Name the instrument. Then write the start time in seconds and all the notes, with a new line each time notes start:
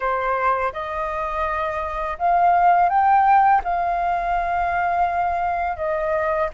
flute
0.00 C5
0.73 D#5
2.18 F5
2.89 G5
3.63 F5
5.76 D#5